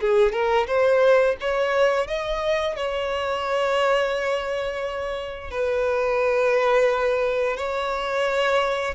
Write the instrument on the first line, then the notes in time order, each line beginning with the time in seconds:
violin
0.00 G#4
0.32 A#4
0.67 C5
1.40 C#5
2.07 D#5
2.76 C#5
5.50 B4
7.56 C#5